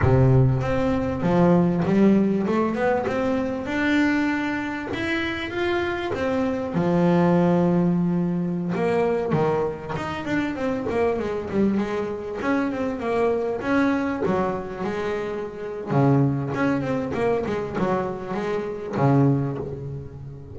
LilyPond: \new Staff \with { instrumentName = "double bass" } { \time 4/4 \tempo 4 = 98 c4 c'4 f4 g4 | a8 b8 c'4 d'2 | e'4 f'4 c'4 f4~ | f2~ f16 ais4 dis8.~ |
dis16 dis'8 d'8 c'8 ais8 gis8 g8 gis8.~ | gis16 cis'8 c'8 ais4 cis'4 fis8.~ | fis16 gis4.~ gis16 cis4 cis'8 c'8 | ais8 gis8 fis4 gis4 cis4 | }